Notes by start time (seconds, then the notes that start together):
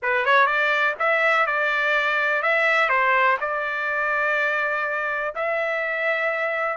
0.02 B4
0.25 C#5
0.46 D5
0.99 E5
1.46 D5
2.42 E5
2.89 C5
3.40 D5
5.35 E5